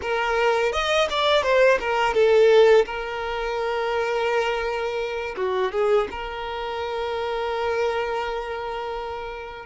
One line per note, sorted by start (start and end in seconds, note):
0.01 0.72 A#4
0.72 1.08 D#5
1.10 1.43 D5
1.43 1.78 C5
1.80 2.14 A#4
2.14 2.85 A4
2.85 5.35 A#4
5.36 5.72 F#4
5.72 6.07 G#4
6.10 9.66 A#4